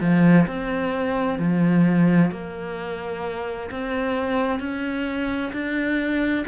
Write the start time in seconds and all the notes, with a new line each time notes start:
0.00 F3
0.47 C4
1.38 F3
2.31 A#3
3.70 C4
4.59 C#4
5.53 D4